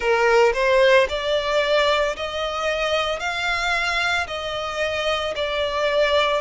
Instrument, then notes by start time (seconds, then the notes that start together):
violin
0.00 A#4
0.54 C5
1.08 D5
2.16 D#5
3.19 F5
4.27 D#5
5.35 D5